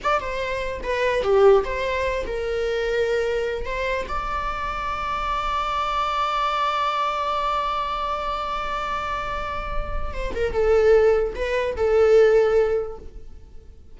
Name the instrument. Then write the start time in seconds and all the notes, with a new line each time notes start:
viola
0.03 D5
0.20 C5
0.83 B4
1.23 G4
1.64 C5
2.26 A#4
3.65 C5
4.08 D5
10.13 C5
10.34 A#4
10.52 A4
11.35 B4
11.76 A4